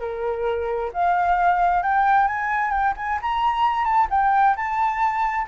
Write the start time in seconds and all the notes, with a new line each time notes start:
0.00 A#4
0.93 F5
1.82 G5
2.28 G#5
2.71 G5
2.97 G#5
3.22 A#5
3.85 A5
4.10 G5
4.56 A5